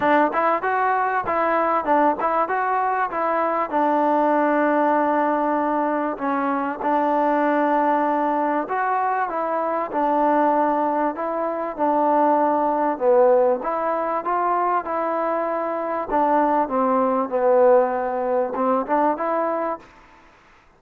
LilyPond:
\new Staff \with { instrumentName = "trombone" } { \time 4/4 \tempo 4 = 97 d'8 e'8 fis'4 e'4 d'8 e'8 | fis'4 e'4 d'2~ | d'2 cis'4 d'4~ | d'2 fis'4 e'4 |
d'2 e'4 d'4~ | d'4 b4 e'4 f'4 | e'2 d'4 c'4 | b2 c'8 d'8 e'4 | }